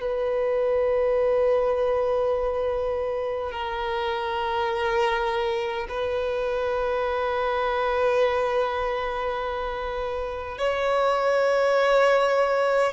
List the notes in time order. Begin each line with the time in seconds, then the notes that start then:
0.00 B4
3.52 A#4
5.89 B4
10.58 C#5